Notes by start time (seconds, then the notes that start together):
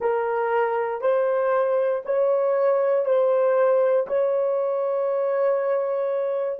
0.00 A#4
1.01 C5
2.05 C#5
3.05 C5
4.07 C#5